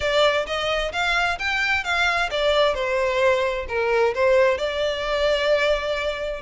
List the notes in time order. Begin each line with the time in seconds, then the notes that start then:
0.00 D5
0.46 D#5
0.92 F5
1.38 G5
1.83 F5
2.30 D5
2.74 C5
3.68 A#4
4.14 C5
4.58 D5